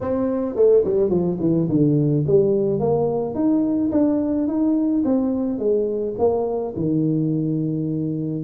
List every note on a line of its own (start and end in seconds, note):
0.01 0.55 C4
0.55 0.83 A3
0.84 1.09 G3
1.09 1.37 F3
1.40 1.68 E3
1.68 2.24 D3
2.26 2.79 G3
2.79 3.34 A#3
3.34 3.90 D#4
3.91 4.47 D4
4.47 5.03 D#4
5.04 5.58 C4
5.58 6.15 G#3
6.18 6.74 A#3
6.76 8.44 D#3